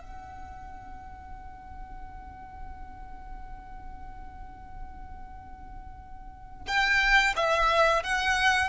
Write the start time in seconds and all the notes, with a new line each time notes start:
0.00 F#5
6.67 G5
7.36 E5
8.04 F#5